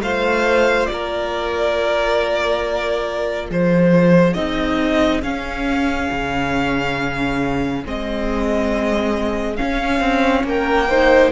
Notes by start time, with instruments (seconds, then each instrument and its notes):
0.00 cello A3, viola F4, violin C5 F5
0.86 cello A#3, violin D5
0.93 violin A#4
3.49 cello F3, violin G#4 C5
4.33 cello C4, viola D#4, violin D#5
5.22 cello C#4, viola C#4, violin F5
6.11 cello C#3
7.85 cello G#3, viola C4, violin D#5
9.56 viola C#4, cello C#4, violin F5
9.99 cello C4
10.43 cello A#3, violin A#4 G5
10.88 viola D#4, violin C5